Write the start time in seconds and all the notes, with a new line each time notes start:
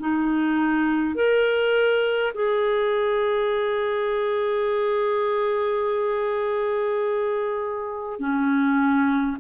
0.00 D#4
1.15 A#4
2.34 G#4
8.19 C#4